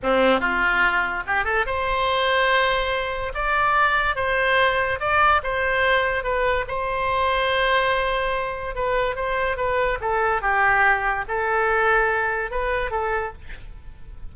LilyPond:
\new Staff \with { instrumentName = "oboe" } { \time 4/4 \tempo 4 = 144 c'4 f'2 g'8 a'8 | c''1 | d''2 c''2 | d''4 c''2 b'4 |
c''1~ | c''4 b'4 c''4 b'4 | a'4 g'2 a'4~ | a'2 b'4 a'4 | }